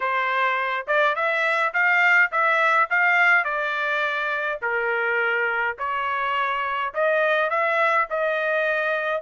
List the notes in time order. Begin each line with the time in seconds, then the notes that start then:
0.00 C5
0.87 D5
1.15 E5
1.73 F5
2.31 E5
2.90 F5
3.44 D5
4.61 A#4
5.78 C#5
6.94 D#5
7.50 E5
8.10 D#5